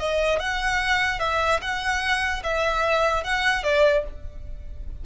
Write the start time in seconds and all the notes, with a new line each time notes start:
0.00 D#5
0.40 F#5
1.20 E5
1.62 F#5
2.44 E5
3.24 F#5
3.64 D5